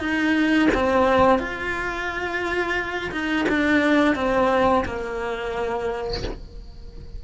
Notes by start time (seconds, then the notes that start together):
0.00 D#4
0.75 C4
1.39 F4
3.12 D#4
3.50 D4
4.16 C4
4.86 A#3